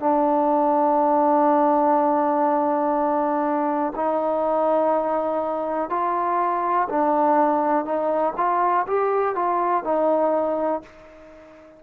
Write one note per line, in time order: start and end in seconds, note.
0.00 3.93 D4
3.96 5.90 D#4
5.90 6.89 F4
6.90 7.85 D4
7.85 8.34 D#4
8.37 8.86 F4
8.87 9.35 G4
9.35 9.85 F4
9.85 10.83 D#4